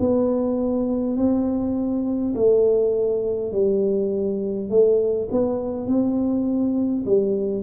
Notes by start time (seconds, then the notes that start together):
0.00 B3
1.17 C4
2.36 A3
3.52 G3
4.70 A3
5.32 B3
5.87 C4
7.06 G3